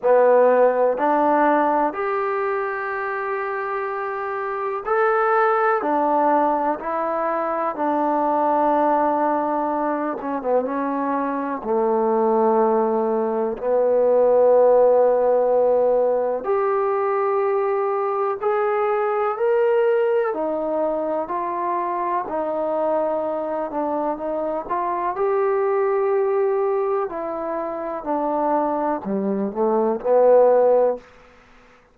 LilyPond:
\new Staff \with { instrumentName = "trombone" } { \time 4/4 \tempo 4 = 62 b4 d'4 g'2~ | g'4 a'4 d'4 e'4 | d'2~ d'8 cis'16 b16 cis'4 | a2 b2~ |
b4 g'2 gis'4 | ais'4 dis'4 f'4 dis'4~ | dis'8 d'8 dis'8 f'8 g'2 | e'4 d'4 g8 a8 b4 | }